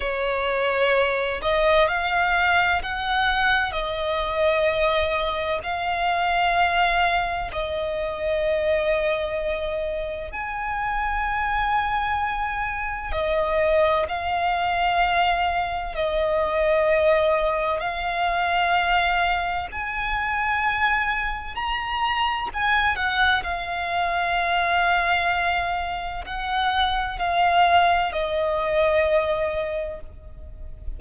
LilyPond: \new Staff \with { instrumentName = "violin" } { \time 4/4 \tempo 4 = 64 cis''4. dis''8 f''4 fis''4 | dis''2 f''2 | dis''2. gis''4~ | gis''2 dis''4 f''4~ |
f''4 dis''2 f''4~ | f''4 gis''2 ais''4 | gis''8 fis''8 f''2. | fis''4 f''4 dis''2 | }